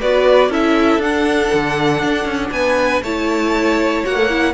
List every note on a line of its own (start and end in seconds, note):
0.00 0.49 B3
0.00 0.51 F#4
0.00 0.50 B4
0.00 0.52 D5
0.49 0.99 C#4
0.49 1.01 E4
0.49 2.51 A4
0.49 1.02 E5
0.99 1.49 D4
0.99 3.04 D4
0.99 2.52 F#5
1.54 2.04 D3
2.04 2.25 D4
2.25 2.50 C#4
2.52 3.02 B3
2.52 3.04 B4
2.52 3.03 G#5
3.03 4.04 A3
3.03 4.05 E4
3.03 4.54 C#5
3.03 4.05 A5
4.05 4.54 A#3
4.05 4.16 F#4
4.05 4.54 F#5
4.16 4.29 A3
4.30 4.54 E4